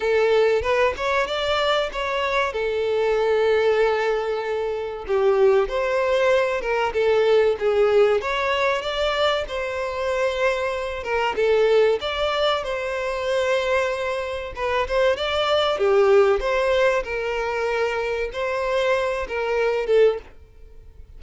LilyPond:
\new Staff \with { instrumentName = "violin" } { \time 4/4 \tempo 4 = 95 a'4 b'8 cis''8 d''4 cis''4 | a'1 | g'4 c''4. ais'8 a'4 | gis'4 cis''4 d''4 c''4~ |
c''4. ais'8 a'4 d''4 | c''2. b'8 c''8 | d''4 g'4 c''4 ais'4~ | ais'4 c''4. ais'4 a'8 | }